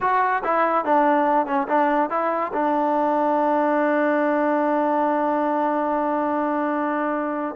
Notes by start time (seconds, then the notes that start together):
0.00 F#4
0.44 E4
0.84 D4
1.46 C#4
1.68 D4
2.10 E4
2.53 D4